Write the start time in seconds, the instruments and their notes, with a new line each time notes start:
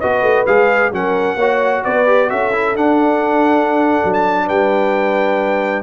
0.00 tuba B3, trombone F#4, horn B4, trumpet D#5
0.23 tuba A3
0.47 tuba G#3, trombone G#4, trumpet F5
0.92 tuba F#3, trombone C#4, horn A#4, trumpet F#5
1.36 tuba A#3, trombone F#4, horn C#5
1.84 tuba B3, horn B4, trumpet D5
2.07 trombone G4
2.29 tuba C#4, trombone F#4, horn A4, trumpet E5
2.53 trombone E4
2.75 tuba D4, trombone D4, trumpet F#5
4.05 tuba F#3
4.14 trumpet A5
4.46 tuba G3, horn B4, trumpet G5